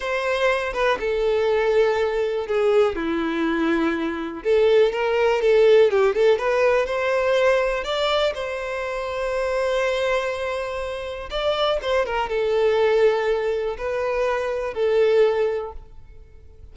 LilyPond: \new Staff \with { instrumentName = "violin" } { \time 4/4 \tempo 4 = 122 c''4. b'8 a'2~ | a'4 gis'4 e'2~ | e'4 a'4 ais'4 a'4 | g'8 a'8 b'4 c''2 |
d''4 c''2.~ | c''2. d''4 | c''8 ais'8 a'2. | b'2 a'2 | }